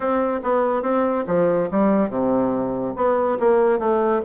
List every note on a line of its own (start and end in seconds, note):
0.00 0.40 C4
0.43 0.82 B3
0.82 1.24 C4
1.26 1.69 F3
1.71 2.09 G3
2.09 2.94 C3
2.95 3.38 B3
3.39 3.79 A#3
3.79 4.21 A3